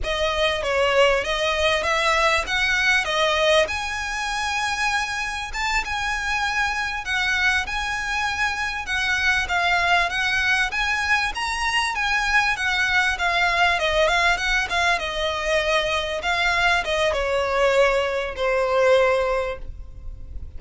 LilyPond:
\new Staff \with { instrumentName = "violin" } { \time 4/4 \tempo 4 = 98 dis''4 cis''4 dis''4 e''4 | fis''4 dis''4 gis''2~ | gis''4 a''8 gis''2 fis''8~ | fis''8 gis''2 fis''4 f''8~ |
f''8 fis''4 gis''4 ais''4 gis''8~ | gis''8 fis''4 f''4 dis''8 f''8 fis''8 | f''8 dis''2 f''4 dis''8 | cis''2 c''2 | }